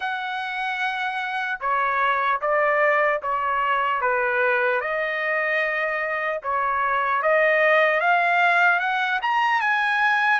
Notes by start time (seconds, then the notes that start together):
0.00 F#5
1.60 C#5
2.41 D5
3.22 C#5
4.01 B4
4.80 D#5
6.43 C#5
7.22 D#5
8.00 F5
8.79 F#5
9.21 A#5
9.60 G#5